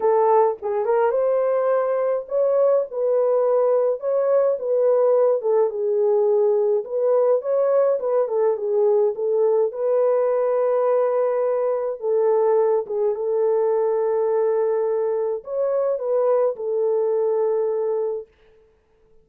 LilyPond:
\new Staff \with { instrumentName = "horn" } { \time 4/4 \tempo 4 = 105 a'4 gis'8 ais'8 c''2 | cis''4 b'2 cis''4 | b'4. a'8 gis'2 | b'4 cis''4 b'8 a'8 gis'4 |
a'4 b'2.~ | b'4 a'4. gis'8 a'4~ | a'2. cis''4 | b'4 a'2. | }